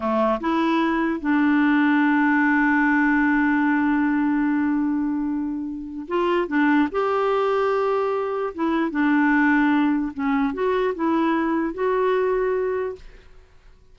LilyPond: \new Staff \with { instrumentName = "clarinet" } { \time 4/4 \tempo 4 = 148 a4 e'2 d'4~ | d'1~ | d'1~ | d'2. f'4 |
d'4 g'2.~ | g'4 e'4 d'2~ | d'4 cis'4 fis'4 e'4~ | e'4 fis'2. | }